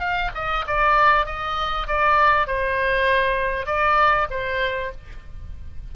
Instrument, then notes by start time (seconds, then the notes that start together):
oboe
0.00 F5
0.35 D#5
0.67 D5
1.26 D#5
1.88 D5
2.47 C5
3.66 D5
4.30 C5